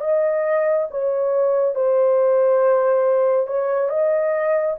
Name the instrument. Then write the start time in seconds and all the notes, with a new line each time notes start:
horn
0.00 D#5
0.91 C#5
1.75 C5
3.47 C#5
3.89 D#5